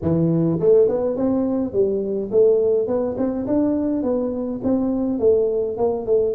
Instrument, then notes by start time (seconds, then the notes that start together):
tuba
0.02 E3
0.60 A3
0.88 B3
1.16 C4
1.72 G3
2.31 A3
2.87 B3
3.17 C4
3.46 D4
4.03 B3
4.63 C4
5.19 A3
5.77 A#3
6.06 A3